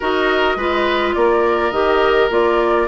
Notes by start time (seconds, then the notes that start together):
0.00 D#4 F#4 A#4 D#5
0.56 G#3 F4 B4
1.14 A#3 A#4 D5
1.71 D#3 G4 D#5
2.30 A#3 F4 D5